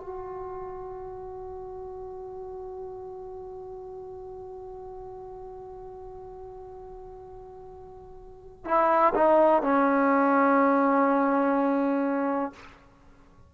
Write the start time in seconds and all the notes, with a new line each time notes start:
0.00 F#4
8.65 E4
9.15 D#4
9.63 C#4